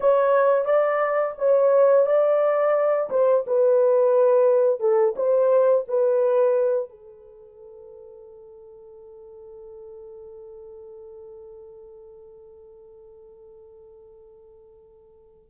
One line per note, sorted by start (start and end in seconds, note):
0.00 0.65 C#5
0.65 1.34 D5
1.38 2.06 C#5
2.06 3.09 D5
3.10 3.44 C5
3.46 4.80 B4
4.80 5.14 A4
5.15 5.84 C5
5.87 6.89 B4
6.89 15.50 A4